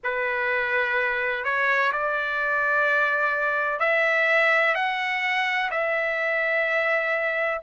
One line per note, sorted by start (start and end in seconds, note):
0.03 1.44 B4
1.44 1.91 C#5
1.92 3.79 D5
3.79 4.74 E5
4.74 5.69 F#5
5.70 7.61 E5